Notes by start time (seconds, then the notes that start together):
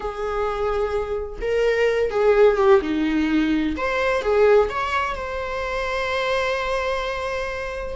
0.00 G#4
1.41 A#4
2.10 G#4
2.57 G4
2.81 D#4
3.76 C5
4.22 G#4
4.69 C#5
5.15 C5